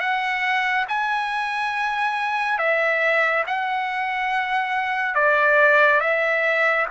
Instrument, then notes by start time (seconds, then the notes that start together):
trumpet
0.00 F#5
0.88 G#5
2.58 E5
3.47 F#5
5.15 D5
6.00 E5